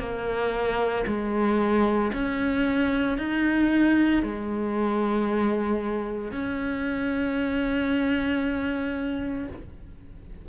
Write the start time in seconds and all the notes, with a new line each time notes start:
0.00 A#3
1.07 G#3
2.13 C#4
3.19 D#4
4.23 G#3
6.32 C#4